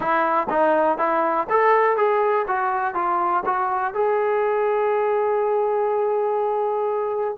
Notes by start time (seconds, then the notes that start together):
0.00 E4
0.49 D#4
0.97 E4
1.49 A4
1.96 G#4
2.47 F#4
2.94 F4
3.45 F#4
3.93 G#4